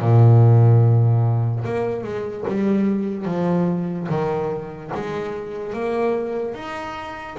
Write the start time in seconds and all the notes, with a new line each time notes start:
0.00 A#2
1.65 A#3
2.04 G#3
2.48 G3
3.25 F3
4.09 D#3
4.94 G#3
5.73 A#3
6.55 D#4